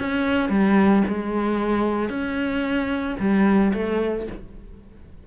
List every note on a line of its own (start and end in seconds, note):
0.00 0.50 C#4
0.50 1.03 G3
1.08 2.10 G#3
2.10 3.17 C#4
3.20 3.73 G3
3.74 4.27 A3